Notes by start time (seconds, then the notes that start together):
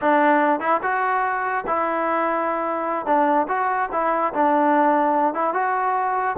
0.01 D4
0.60 E4
0.82 F#4
1.66 E4
3.05 D4
3.48 F#4
3.92 E4
4.33 D4
5.34 E4
5.53 F#4